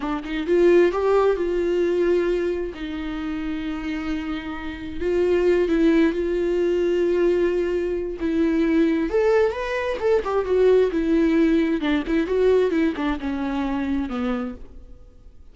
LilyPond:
\new Staff \with { instrumentName = "viola" } { \time 4/4 \tempo 4 = 132 d'8 dis'8 f'4 g'4 f'4~ | f'2 dis'2~ | dis'2. f'4~ | f'8 e'4 f'2~ f'8~ |
f'2 e'2 | a'4 b'4 a'8 g'8 fis'4 | e'2 d'8 e'8 fis'4 | e'8 d'8 cis'2 b4 | }